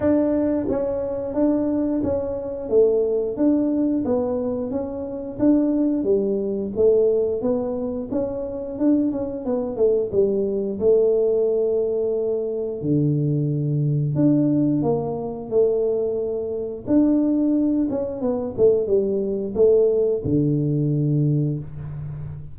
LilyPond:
\new Staff \with { instrumentName = "tuba" } { \time 4/4 \tempo 4 = 89 d'4 cis'4 d'4 cis'4 | a4 d'4 b4 cis'4 | d'4 g4 a4 b4 | cis'4 d'8 cis'8 b8 a8 g4 |
a2. d4~ | d4 d'4 ais4 a4~ | a4 d'4. cis'8 b8 a8 | g4 a4 d2 | }